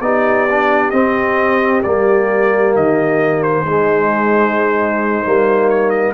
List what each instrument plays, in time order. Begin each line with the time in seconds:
0.00 tuba B3, trombone D#4, horn G4, trumpet D5
0.49 trombone D4
0.90 tuba C4, trombone C4, trumpet D#5
1.83 tuba G3, trombone A#3, trumpet D5
2.76 tuba D#3, trumpet D#5
3.42 trumpet C5
3.65 tuba G#3, trombone G#3, horn D#4
5.24 tuba G3, trombone A#3
5.69 trumpet C#5
5.89 trumpet D#5